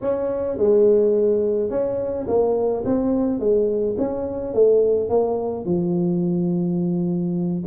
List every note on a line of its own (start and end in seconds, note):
0.01 0.57 C#4
0.57 1.70 G#3
1.70 2.26 C#4
2.27 2.84 A#3
2.85 3.39 C4
3.39 3.96 G#3
3.98 4.54 C#4
4.54 5.09 A3
5.09 5.65 A#3
5.65 7.63 F3